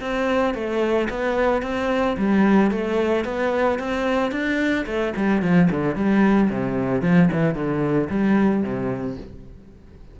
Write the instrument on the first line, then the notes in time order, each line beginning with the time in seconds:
cello
0.00 C4
0.54 A3
1.10 B3
1.62 C4
2.17 G3
2.71 A3
3.25 B3
3.79 C4
4.31 D4
4.86 A3
5.16 G3
5.42 F3
5.71 D3
5.95 G3
6.50 C3
7.02 F3
7.32 E3
7.54 D3
8.09 G3
8.63 C3